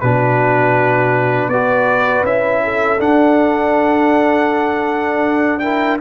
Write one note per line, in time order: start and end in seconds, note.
0.00 1.48 B2
0.00 1.53 D4
0.00 1.49 F#4
0.00 1.49 B4
1.48 2.23 B3
1.48 2.26 F#4
1.48 2.62 B4
1.48 2.24 D5
2.23 2.98 C#4
2.23 2.99 E4
2.23 3.00 E5
2.64 5.63 A4
2.99 5.61 D4
2.99 5.99 D4
2.99 5.59 F#5
5.59 5.99 E4
5.59 6.00 A#4
5.59 5.97 G5